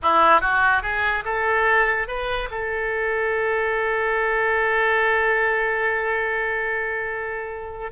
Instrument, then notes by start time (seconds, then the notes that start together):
oboe
0.02 E4
0.40 F#4
0.82 G#4
1.24 A4
2.07 B4
2.50 A4